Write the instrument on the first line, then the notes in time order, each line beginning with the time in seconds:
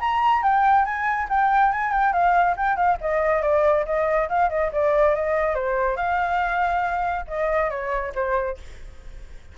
flute
0.00 A#5
0.43 G5
0.85 G#5
1.30 G5
1.72 G#5
1.92 G5
2.13 F5
2.57 G5
2.76 F5
3.01 D#5
3.42 D5
3.86 D#5
4.29 F5
4.50 D#5
4.72 D5
5.15 D#5
5.55 C5
5.97 F5
7.28 D#5
7.70 C#5
8.15 C5